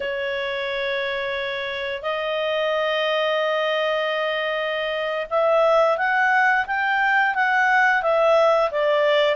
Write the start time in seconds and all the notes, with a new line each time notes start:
0.00 C#5
2.02 D#5
5.29 E5
5.97 F#5
6.66 G5
7.34 F#5
8.02 E5
8.71 D5